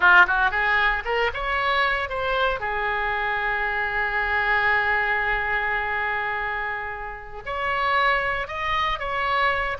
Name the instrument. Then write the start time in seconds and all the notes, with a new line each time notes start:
oboe
0.00 F4
0.27 F#4
0.51 G#4
1.04 A#4
1.33 C#5
2.09 C5
2.60 G#4
7.45 C#5
8.47 D#5
8.99 C#5